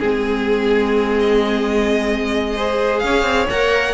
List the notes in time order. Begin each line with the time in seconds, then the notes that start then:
0.00 G#3 C4 G#4
1.20 D#5
2.56 G#4 C5
3.00 C#4 F5
3.06 C#5
3.23 C4
3.50 A#3 A#4 F#5